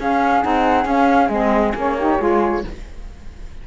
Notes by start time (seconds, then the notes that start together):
0.00 C#4 G#4 F5
0.43 C4 D#4 F#5
0.85 C#4 F5
1.29 G#3 C4 D#5
1.75 A#3 C#4 C#5
1.99 D#4 G4
2.19 G#3 F4 G#4